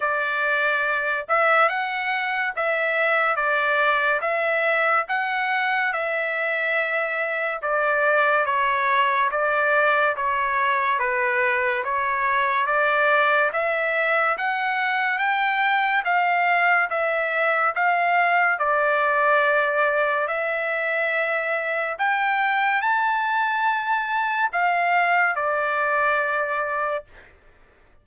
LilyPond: \new Staff \with { instrumentName = "trumpet" } { \time 4/4 \tempo 4 = 71 d''4. e''8 fis''4 e''4 | d''4 e''4 fis''4 e''4~ | e''4 d''4 cis''4 d''4 | cis''4 b'4 cis''4 d''4 |
e''4 fis''4 g''4 f''4 | e''4 f''4 d''2 | e''2 g''4 a''4~ | a''4 f''4 d''2 | }